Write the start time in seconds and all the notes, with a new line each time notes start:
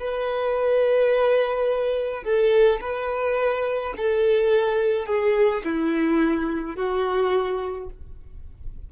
0.00 B4
2.24 A4
2.81 B4
3.97 A4
5.06 G#4
5.65 E4
6.77 F#4